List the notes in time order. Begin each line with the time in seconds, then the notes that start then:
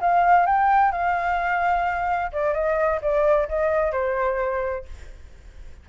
0.00 F5
0.46 G5
0.92 F5
2.32 D5
2.54 D#5
3.02 D5
3.49 D#5
3.92 C5